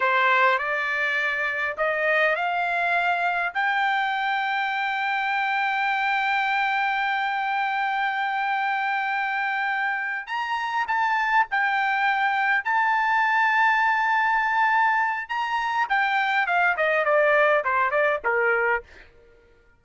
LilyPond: \new Staff \with { instrumentName = "trumpet" } { \time 4/4 \tempo 4 = 102 c''4 d''2 dis''4 | f''2 g''2~ | g''1~ | g''1~ |
g''4. ais''4 a''4 g''8~ | g''4. a''2~ a''8~ | a''2 ais''4 g''4 | f''8 dis''8 d''4 c''8 d''8 ais'4 | }